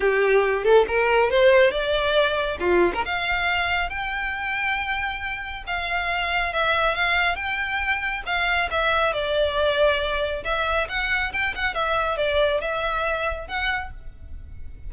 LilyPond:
\new Staff \with { instrumentName = "violin" } { \time 4/4 \tempo 4 = 138 g'4. a'8 ais'4 c''4 | d''2 f'8. ais'16 f''4~ | f''4 g''2.~ | g''4 f''2 e''4 |
f''4 g''2 f''4 | e''4 d''2. | e''4 fis''4 g''8 fis''8 e''4 | d''4 e''2 fis''4 | }